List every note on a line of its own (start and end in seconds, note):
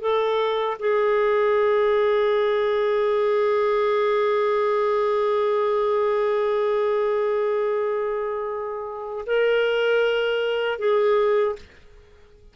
0.00 0.77 A4
0.79 9.25 G#4
9.26 10.79 A#4
10.79 11.56 G#4